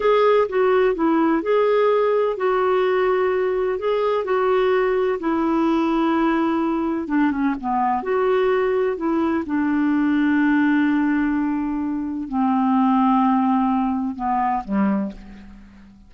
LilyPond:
\new Staff \with { instrumentName = "clarinet" } { \time 4/4 \tempo 4 = 127 gis'4 fis'4 e'4 gis'4~ | gis'4 fis'2. | gis'4 fis'2 e'4~ | e'2. d'8 cis'8 |
b4 fis'2 e'4 | d'1~ | d'2 c'2~ | c'2 b4 g4 | }